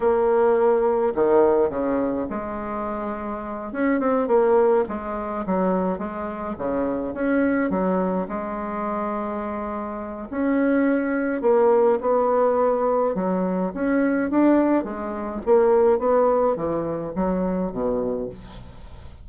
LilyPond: \new Staff \with { instrumentName = "bassoon" } { \time 4/4 \tempo 4 = 105 ais2 dis4 cis4 | gis2~ gis8 cis'8 c'8 ais8~ | ais8 gis4 fis4 gis4 cis8~ | cis8 cis'4 fis4 gis4.~ |
gis2 cis'2 | ais4 b2 fis4 | cis'4 d'4 gis4 ais4 | b4 e4 fis4 b,4 | }